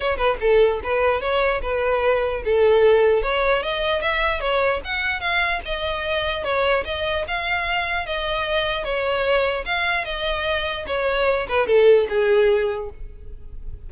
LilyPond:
\new Staff \with { instrumentName = "violin" } { \time 4/4 \tempo 4 = 149 cis''8 b'8 a'4 b'4 cis''4 | b'2 a'2 | cis''4 dis''4 e''4 cis''4 | fis''4 f''4 dis''2 |
cis''4 dis''4 f''2 | dis''2 cis''2 | f''4 dis''2 cis''4~ | cis''8 b'8 a'4 gis'2 | }